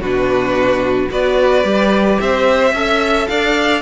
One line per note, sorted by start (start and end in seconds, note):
0.00 1.09 B2
0.00 1.10 D4
0.00 1.10 F#4
0.00 1.11 B4
1.10 1.64 B3
1.10 1.64 F#4
1.10 2.20 B4
1.10 2.20 D5
1.64 2.18 G3
1.64 2.73 G4
2.20 2.73 C4
2.20 2.74 C5
2.20 3.27 E5
2.73 3.27 C#4
2.73 3.81 A4
2.73 3.28 E5
3.27 3.81 D4
3.27 3.81 D5
3.27 3.81 F5